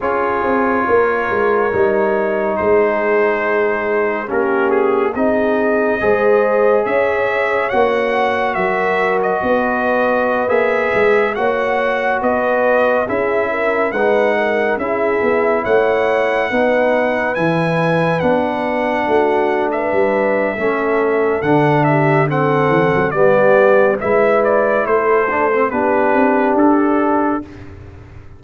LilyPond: <<
  \new Staff \with { instrumentName = "trumpet" } { \time 4/4 \tempo 4 = 70 cis''2. c''4~ | c''4 ais'8 gis'8 dis''2 | e''4 fis''4 e''8. dis''4~ dis''16~ | dis''16 e''4 fis''4 dis''4 e''8.~ |
e''16 fis''4 e''4 fis''4.~ fis''16~ | fis''16 gis''4 fis''4.~ fis''16 e''4~ | e''4 fis''8 e''8 fis''4 d''4 | e''8 d''8 c''4 b'4 a'4 | }
  \new Staff \with { instrumentName = "horn" } { \time 4/4 gis'4 ais'2 gis'4~ | gis'4 g'4 gis'4 c''4 | cis''2 ais'4 b'4~ | b'4~ b'16 cis''4 b'4 gis'8 ais'16~ |
ais'16 b'8 ais'8 gis'4 cis''4 b'8.~ | b'2~ b'16 fis'8. b'4 | a'4. g'8 a'4 g'4 | b'4 a'4 g'2 | }
  \new Staff \with { instrumentName = "trombone" } { \time 4/4 f'2 dis'2~ | dis'4 cis'4 dis'4 gis'4~ | gis'4 fis'2.~ | fis'16 gis'4 fis'2 e'8.~ |
e'16 dis'4 e'2 dis'8.~ | dis'16 e'4 d'2~ d'8. | cis'4 d'4 c'4 b4 | e'4. d'16 c'16 d'2 | }
  \new Staff \with { instrumentName = "tuba" } { \time 4/4 cis'8 c'8 ais8 gis8 g4 gis4~ | gis4 ais4 c'4 gis4 | cis'4 ais4 fis4 b4~ | b16 ais8 gis8 ais4 b4 cis'8.~ |
cis'16 gis4 cis'8 b8 a4 b8.~ | b16 e4 b4 a4 g8. | a4 d4. e16 fis16 g4 | gis4 a4 b8 c'8 d'4 | }
>>